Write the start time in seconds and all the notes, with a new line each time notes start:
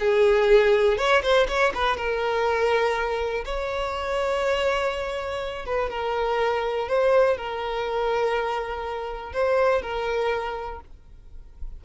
0.00 G#4
0.98 C#5
1.23 C5
1.48 C#5
1.75 B4
1.97 A#4
3.45 C#5
5.66 B4
5.90 A#4
6.89 C5
7.38 A#4
9.33 C5
9.82 A#4